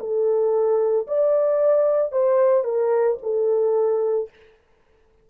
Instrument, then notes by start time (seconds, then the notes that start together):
horn
0.00 A4
1.07 D5
2.12 C5
2.64 A#4
3.22 A4